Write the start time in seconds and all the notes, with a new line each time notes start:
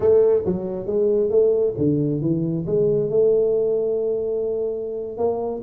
0.00 A3
0.45 F#3
0.86 G#3
1.30 A3
1.77 D3
2.21 E3
2.66 G#3
3.09 A3
5.17 A#3